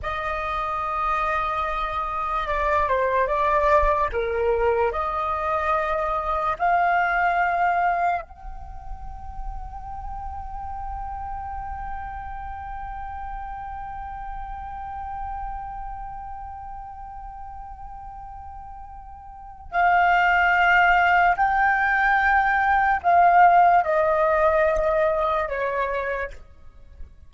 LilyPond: \new Staff \with { instrumentName = "flute" } { \time 4/4 \tempo 4 = 73 dis''2. d''8 c''8 | d''4 ais'4 dis''2 | f''2 g''2~ | g''1~ |
g''1~ | g''1 | f''2 g''2 | f''4 dis''2 cis''4 | }